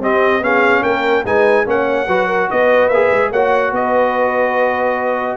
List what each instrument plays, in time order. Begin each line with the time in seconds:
0.00 tuba C4, trombone C4, horn G4, trumpet D#5
0.40 tuba B3, trombone C#4, horn G#4, trumpet F5
0.83 tuba A#3, horn A#4, trumpet G5
1.25 tuba G#3, trombone D#4, horn B4, trumpet G#5
1.65 tuba A#3, trombone C#4, horn C#5, trumpet F#5
2.07 tuba F#3, trombone F#4, horn B4
2.27 horn A#4
2.50 tuba B3, horn B4, trumpet D#5
2.88 tuba A#3, trombone G#4, trumpet E5
3.12 tuba G#3
3.31 tuba A#3, trombone F#4, horn C#5, trumpet F#5
3.71 tuba B3, horn B4, trumpet D#5